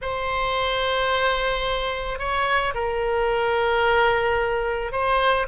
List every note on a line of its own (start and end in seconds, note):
0.01 2.18 C5
2.18 2.73 C#5
2.74 4.92 A#4
4.92 5.46 C5